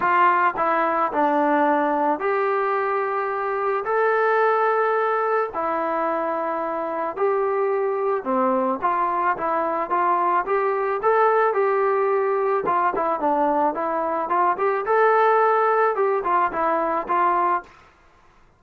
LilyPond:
\new Staff \with { instrumentName = "trombone" } { \time 4/4 \tempo 4 = 109 f'4 e'4 d'2 | g'2. a'4~ | a'2 e'2~ | e'4 g'2 c'4 |
f'4 e'4 f'4 g'4 | a'4 g'2 f'8 e'8 | d'4 e'4 f'8 g'8 a'4~ | a'4 g'8 f'8 e'4 f'4 | }